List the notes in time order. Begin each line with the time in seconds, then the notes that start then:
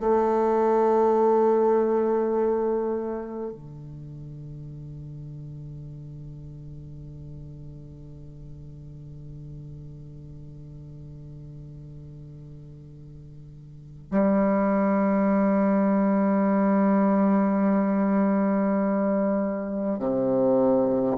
0.00 A3
3.53 D3
14.11 G3
19.99 C3